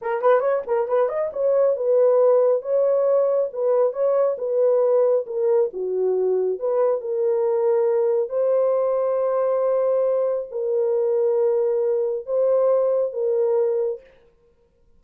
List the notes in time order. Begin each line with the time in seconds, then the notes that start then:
0.01 A#4
0.21 B4
0.40 C#5
0.66 A#4
0.88 B4
1.08 D#5
1.32 C#5
1.76 B4
2.62 C#5
3.53 B4
3.92 C#5
4.38 B4
5.26 A#4
5.73 F#4
6.59 B4
7.01 A#4
8.29 C5
10.51 A#4
12.26 C5
13.12 A#4